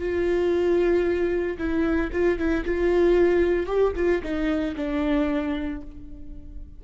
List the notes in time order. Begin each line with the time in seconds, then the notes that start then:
0.00 F4
1.58 E4
2.13 F4
2.39 E4
2.65 F4
3.67 G4
3.96 F4
4.23 D#4
4.76 D4